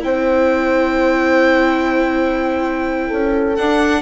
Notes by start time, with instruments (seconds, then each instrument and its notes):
0.00 bassoon C4, viola E4, horn C5, violin G5
3.07 bassoon C#4, horn A4
3.56 bassoon D4, viola D4, violin F#5